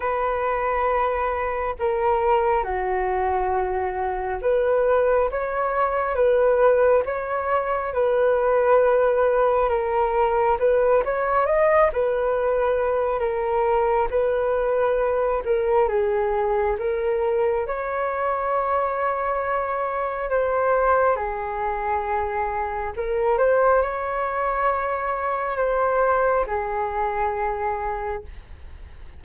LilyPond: \new Staff \with { instrumentName = "flute" } { \time 4/4 \tempo 4 = 68 b'2 ais'4 fis'4~ | fis'4 b'4 cis''4 b'4 | cis''4 b'2 ais'4 | b'8 cis''8 dis''8 b'4. ais'4 |
b'4. ais'8 gis'4 ais'4 | cis''2. c''4 | gis'2 ais'8 c''8 cis''4~ | cis''4 c''4 gis'2 | }